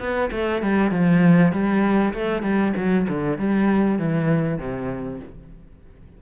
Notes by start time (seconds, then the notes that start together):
0.00 B3
0.32 A3
0.63 G3
0.91 F3
1.53 G3
2.14 A3
2.43 G3
2.77 F#3
3.09 D3
3.39 G3
3.99 E3
4.59 C3